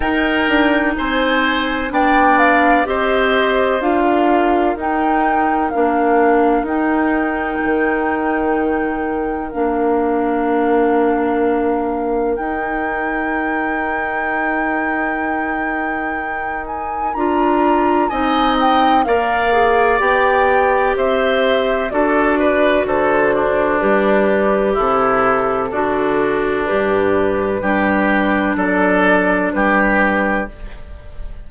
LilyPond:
<<
  \new Staff \with { instrumentName = "flute" } { \time 4/4 \tempo 4 = 63 g''4 gis''4 g''8 f''8 dis''4 | f''4 g''4 f''4 g''4~ | g''2 f''2~ | f''4 g''2.~ |
g''4. gis''8 ais''4 gis''8 g''8 | f''4 g''4 e''4 d''4 | c''4 b'4 a'2 | b'2 d''4 b'4 | }
  \new Staff \with { instrumentName = "oboe" } { \time 4/4 ais'4 c''4 d''4 c''4~ | c''16 ais'2.~ ais'8.~ | ais'1~ | ais'1~ |
ais'2. dis''4 | d''2 c''4 a'8 b'8 | a'8 d'4. e'4 d'4~ | d'4 g'4 a'4 g'4 | }
  \new Staff \with { instrumentName = "clarinet" } { \time 4/4 dis'2 d'4 g'4 | f'4 dis'4 d'4 dis'4~ | dis'2 d'2~ | d'4 dis'2.~ |
dis'2 f'4 dis'4 | ais'8 gis'8 g'2 fis'4~ | fis'4 g'2 fis'4 | g'4 d'2. | }
  \new Staff \with { instrumentName = "bassoon" } { \time 4/4 dis'8 d'8 c'4 b4 c'4 | d'4 dis'4 ais4 dis'4 | dis2 ais2~ | ais4 dis'2.~ |
dis'2 d'4 c'4 | ais4 b4 c'4 d'4 | d4 g4 c4 d4 | g,4 g4 fis4 g4 | }
>>